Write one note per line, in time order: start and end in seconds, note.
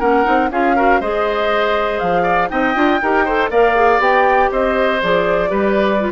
0.00 0.26 A#3
0.00 0.24 C#4
0.00 0.50 A#4
0.00 0.50 F#5
0.24 0.51 C4
0.24 0.49 D#4
0.51 1.01 C#4
0.51 0.76 F4
0.51 0.76 G#4
0.51 1.01 F5
0.76 1.01 F#4
0.76 1.01 A#4
1.01 2.01 G#3
1.01 2.49 G#4
1.01 2.23 C5
1.01 1.99 D#5
1.99 2.51 F3
1.99 2.49 F5
2.23 2.48 D5
2.49 2.76 C4
2.49 2.74 D#4
2.49 3.02 D#5
2.49 3.50 G5
2.75 3.01 D4
2.75 3.00 F4
3.02 3.51 D#4
3.02 3.28 G4
3.02 3.25 A#4
3.25 3.51 A4
3.25 3.50 C5
3.51 3.99 A#3
3.51 3.76 A#4
3.51 4.51 D5
3.51 4.01 F5
3.76 4.00 G#4
3.99 4.49 B3
3.99 5.00 G4
3.99 4.52 G5
4.52 5.02 C4
4.52 5.50 C5
4.52 5.03 D#5
5.02 5.51 F3
5.02 5.48 G#4
5.02 6.12 D5
5.48 6.12 G3
5.48 5.98 G4
5.48 6.12 B4
6.01 6.12 F4